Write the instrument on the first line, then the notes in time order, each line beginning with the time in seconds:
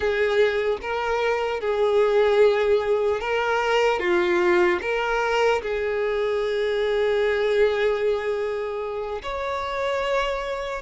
violin
0.00 G#4
0.81 A#4
1.60 G#4
3.20 A#4
3.99 F4
4.81 A#4
5.62 G#4
9.22 C#5